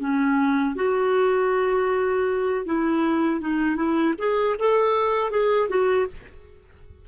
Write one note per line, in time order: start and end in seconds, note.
0.00 0.76 C#4
0.76 2.66 F#4
2.66 3.41 E4
3.41 3.77 D#4
3.77 4.15 E4
4.19 4.57 G#4
4.59 5.31 A4
5.31 5.69 G#4
5.70 6.08 F#4